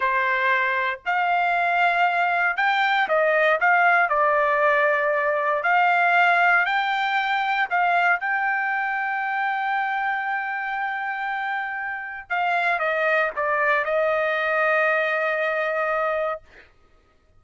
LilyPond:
\new Staff \with { instrumentName = "trumpet" } { \time 4/4 \tempo 4 = 117 c''2 f''2~ | f''4 g''4 dis''4 f''4 | d''2. f''4~ | f''4 g''2 f''4 |
g''1~ | g''1 | f''4 dis''4 d''4 dis''4~ | dis''1 | }